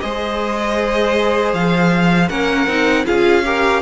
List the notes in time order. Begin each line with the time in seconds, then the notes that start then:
0.00 G#3 G#4 C5 D#5
1.53 F3 F5
2.29 A#3 C#4 A#4 F#5
2.67 C4 D#4
3.06 C#4 F4 G#4 F5
3.45 G4 A#4